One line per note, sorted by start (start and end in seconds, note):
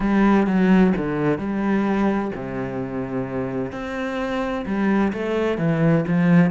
0.00 0.46 G3
0.46 0.93 F#3
0.96 1.38 D3
1.38 2.31 G3
2.35 3.72 C3
3.72 4.65 C4
4.66 5.12 G3
5.12 5.58 A3
5.58 6.04 E3
6.07 6.51 F3